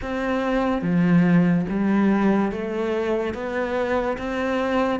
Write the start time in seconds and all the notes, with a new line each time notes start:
0.02 C4
0.82 F3
1.69 G3
2.51 A3
3.33 B3
4.17 C4